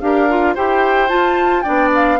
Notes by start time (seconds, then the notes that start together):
0.00 D4 G4 A#4 F5
0.29 F4
0.55 E4 G4 C5 G5
1.08 F4 A5
1.62 B3 D4 D5 G5
1.95 F5